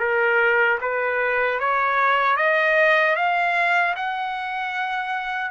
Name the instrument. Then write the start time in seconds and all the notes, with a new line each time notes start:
trumpet
0.00 A#4
0.81 B4
1.60 C#5
2.37 D#5
3.16 F5
3.96 F#5